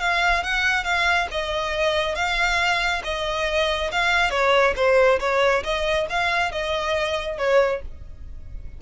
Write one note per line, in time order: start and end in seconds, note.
0.00 0.43 F5
0.43 0.84 F#5
0.84 1.28 F5
1.31 2.15 D#5
2.15 3.02 F5
3.04 3.91 D#5
3.92 4.31 F5
4.31 4.74 C#5
4.76 5.20 C5
5.20 5.63 C#5
5.64 6.07 D#5
6.10 6.52 F5
6.52 7.38 D#5
7.38 7.82 C#5